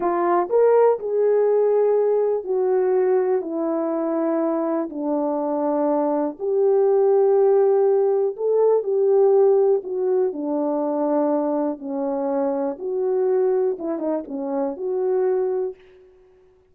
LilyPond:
\new Staff \with { instrumentName = "horn" } { \time 4/4 \tempo 4 = 122 f'4 ais'4 gis'2~ | gis'4 fis'2 e'4~ | e'2 d'2~ | d'4 g'2.~ |
g'4 a'4 g'2 | fis'4 d'2. | cis'2 fis'2 | e'8 dis'8 cis'4 fis'2 | }